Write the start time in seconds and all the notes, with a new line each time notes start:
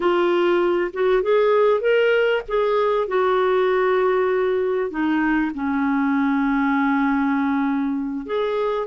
0.00 F4
0.93 F#4
1.22 G#4
1.80 A#4
2.47 G#4
3.08 F#4
4.90 D#4
5.54 C#4
8.25 G#4